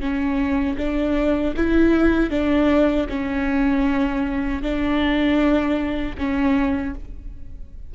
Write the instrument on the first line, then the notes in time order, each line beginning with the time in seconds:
viola
0.00 C#4
0.78 D4
1.57 E4
2.30 D4
3.09 C#4
4.62 D4
6.18 C#4